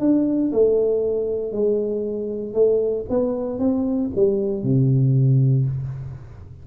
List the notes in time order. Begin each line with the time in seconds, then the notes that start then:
0.00 D4
0.52 A3
1.52 G#3
2.54 A3
3.09 B3
3.59 C4
4.15 G3
4.63 C3